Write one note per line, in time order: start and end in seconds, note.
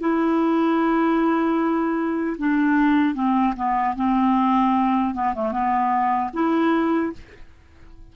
0.00 2.37 E4
2.39 3.15 D4
3.15 3.54 C4
3.56 3.96 B3
3.96 5.14 C4
5.14 5.34 B3
5.35 5.52 A3
5.52 6.31 B3
6.34 7.13 E4